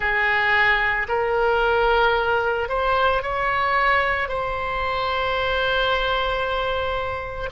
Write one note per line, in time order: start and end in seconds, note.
0.00 1.07 G#4
1.08 2.68 A#4
2.68 3.22 C5
3.22 4.28 C#5
4.28 7.50 C5